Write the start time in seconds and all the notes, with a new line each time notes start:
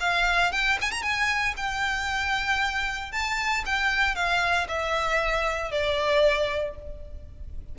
0.00 F5
0.52 G5
0.81 G#5
0.91 A#5
1.02 G#5
1.57 G5
3.12 A5
3.66 G5
4.15 F5
4.68 E5
5.71 D5